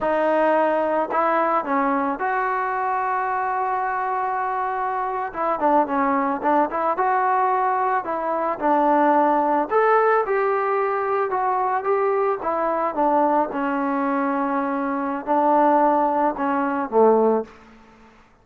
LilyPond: \new Staff \with { instrumentName = "trombone" } { \time 4/4 \tempo 4 = 110 dis'2 e'4 cis'4 | fis'1~ | fis'4.~ fis'16 e'8 d'8 cis'4 d'16~ | d'16 e'8 fis'2 e'4 d'16~ |
d'4.~ d'16 a'4 g'4~ g'16~ | g'8. fis'4 g'4 e'4 d'16~ | d'8. cis'2.~ cis'16 | d'2 cis'4 a4 | }